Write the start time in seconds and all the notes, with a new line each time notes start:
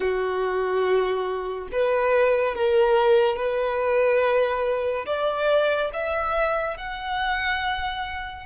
0.00 F#4
1.72 B4
2.55 A#4
3.36 B4
5.06 D5
5.93 E5
6.77 F#5